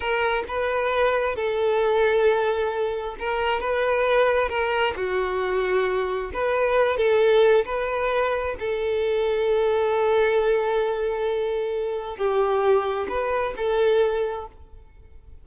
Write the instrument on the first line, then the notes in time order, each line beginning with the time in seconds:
violin
0.00 A#4
0.47 B4
1.35 A4
3.19 A#4
3.60 B4
4.48 A#4
4.95 F#4
6.33 B4
6.97 A4
7.65 B4
8.59 A4
12.17 G4
13.08 B4
13.56 A4